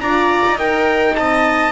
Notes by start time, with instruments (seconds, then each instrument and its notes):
0.00 double bass D4, horn F4, viola D5, trumpet A#5
0.45 double bass D#4
0.57 horn D#4, viola A#4, trumpet G5
1.16 double bass C4, viola D#5, trumpet A5